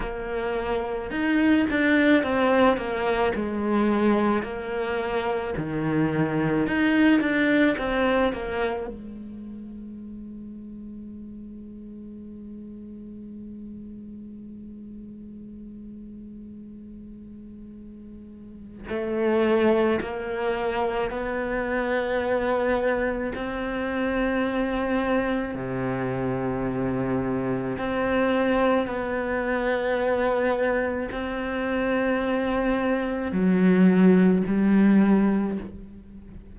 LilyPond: \new Staff \with { instrumentName = "cello" } { \time 4/4 \tempo 4 = 54 ais4 dis'8 d'8 c'8 ais8 gis4 | ais4 dis4 dis'8 d'8 c'8 ais8 | gis1~ | gis1~ |
gis4 a4 ais4 b4~ | b4 c'2 c4~ | c4 c'4 b2 | c'2 fis4 g4 | }